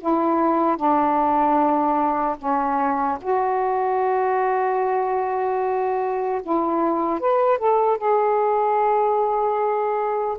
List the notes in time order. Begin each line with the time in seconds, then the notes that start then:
0.00 E4
0.77 D4
2.38 C#4
3.21 F#4
6.42 E4
7.20 B4
7.58 A4
7.97 G#4